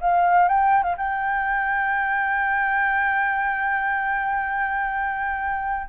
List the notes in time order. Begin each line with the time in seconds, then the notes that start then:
0.00 F5
0.48 G5
0.83 F5
0.97 G5